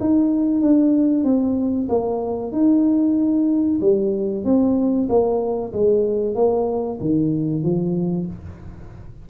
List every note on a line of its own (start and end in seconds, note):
0.00 0.62 D#4
0.62 1.24 D4
1.24 1.88 C4
1.89 2.52 A#3
2.52 3.80 D#4
3.81 4.44 G3
4.44 5.08 C4
5.09 5.73 A#3
5.73 6.35 G#3
6.35 6.99 A#3
7.01 7.63 D#3
7.63 8.27 F3